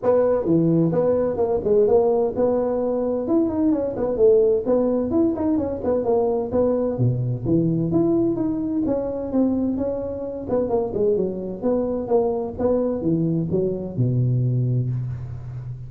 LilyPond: \new Staff \with { instrumentName = "tuba" } { \time 4/4 \tempo 4 = 129 b4 e4 b4 ais8 gis8 | ais4 b2 e'8 dis'8 | cis'8 b8 a4 b4 e'8 dis'8 | cis'8 b8 ais4 b4 b,4 |
e4 e'4 dis'4 cis'4 | c'4 cis'4. b8 ais8 gis8 | fis4 b4 ais4 b4 | e4 fis4 b,2 | }